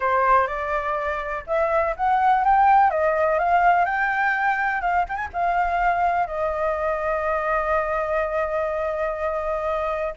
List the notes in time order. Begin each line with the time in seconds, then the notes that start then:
0.00 C5
0.47 D5
1.46 E5
1.96 F#5
2.44 G5
2.90 D#5
3.38 F5
3.85 G5
4.81 F5
5.08 G5
5.15 G#5
5.33 F5
6.27 D#5